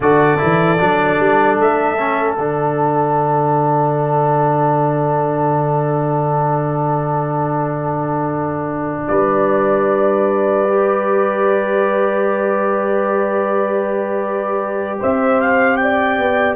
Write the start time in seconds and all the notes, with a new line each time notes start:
0.00 D3 F#4 A4 D5
0.38 E3 E4
0.78 F#3 D4
1.19 G3
1.58 A3 E5
1.98 C#4
2.33 D3 D4 F#5
9.07 G3 B4 D5
10.68 G4
14.99 C4 C5 E5
15.40 F5
15.76 D5 G5
16.17 B3